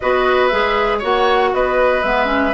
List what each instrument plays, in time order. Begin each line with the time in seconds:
0.00 bassoon B3, clarinet F#4, oboe B4, flute D#5
0.47 bassoon G#3, clarinet G#4, flute E5
0.98 bassoon A#3, clarinet F#4, oboe C#5, flute F#5
1.53 bassoon B3, oboe B4, flute D#5
2.02 bassoon G#3, clarinet B3, flute E5
2.25 clarinet C#4